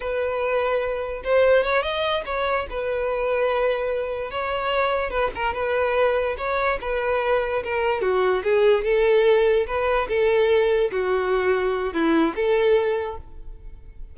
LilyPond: \new Staff \with { instrumentName = "violin" } { \time 4/4 \tempo 4 = 146 b'2. c''4 | cis''8 dis''4 cis''4 b'4.~ | b'2~ b'8 cis''4.~ | cis''8 b'8 ais'8 b'2 cis''8~ |
cis''8 b'2 ais'4 fis'8~ | fis'8 gis'4 a'2 b'8~ | b'8 a'2 fis'4.~ | fis'4 e'4 a'2 | }